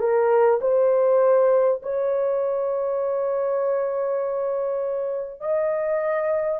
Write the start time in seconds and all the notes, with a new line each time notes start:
0.00 A#4
0.62 C5
1.83 C#5
5.41 D#5